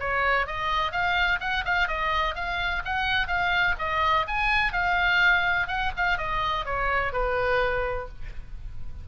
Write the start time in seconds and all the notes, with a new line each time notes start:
0.00 C#5
0.47 D#5
0.92 F5
1.40 F#5
1.65 F5
1.88 D#5
2.35 F5
2.85 F#5
3.28 F5
3.79 D#5
4.28 G#5
4.73 F5
5.68 F#5
5.97 F5
6.18 D#5
6.66 C#5
7.13 B4